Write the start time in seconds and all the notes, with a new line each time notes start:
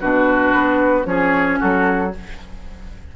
0.00 B2 D4 F#4 B4
0.54 B3
1.04 F3 C#4 G#4 C#5
1.59 F#3 F#4 A4